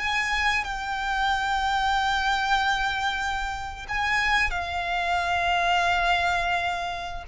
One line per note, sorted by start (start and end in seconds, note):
0.00 0.65 G#5
0.65 3.87 G5
3.89 4.51 G#5
4.51 7.25 F5